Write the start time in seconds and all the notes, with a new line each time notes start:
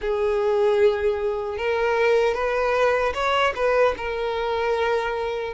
0.01 G#4
1.57 A#4
2.34 B4
3.14 C#5
3.55 B4
3.97 A#4